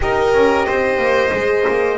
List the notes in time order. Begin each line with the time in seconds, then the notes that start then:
0.00 D#4 G4 A#4 D#5
0.34 C#4
0.66 C4 C5
0.97 A#3
1.32 G#3 G#4
1.68 A#3